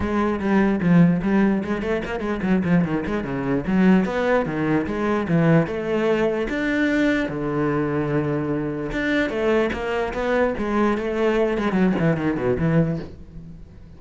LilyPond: \new Staff \with { instrumentName = "cello" } { \time 4/4 \tempo 4 = 148 gis4 g4 f4 g4 | gis8 a8 ais8 gis8 fis8 f8 dis8 gis8 | cis4 fis4 b4 dis4 | gis4 e4 a2 |
d'2 d2~ | d2 d'4 a4 | ais4 b4 gis4 a4~ | a8 gis8 fis8 e8 dis8 b,8 e4 | }